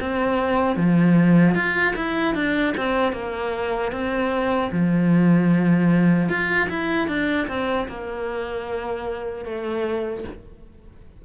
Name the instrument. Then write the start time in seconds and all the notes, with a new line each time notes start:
cello
0.00 C4
0.76 F3
1.54 F4
1.96 E4
2.34 D4
2.77 C4
3.13 A#3
3.92 C4
4.72 F3
6.29 F4
6.69 E4
7.08 D4
7.47 C4
7.88 A#3
9.44 A3